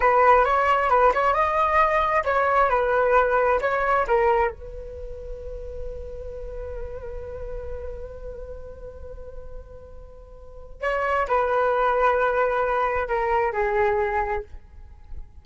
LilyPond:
\new Staff \with { instrumentName = "flute" } { \time 4/4 \tempo 4 = 133 b'4 cis''4 b'8 cis''8 dis''4~ | dis''4 cis''4 b'2 | cis''4 ais'4 b'2~ | b'1~ |
b'1~ | b'1 | cis''4 b'2.~ | b'4 ais'4 gis'2 | }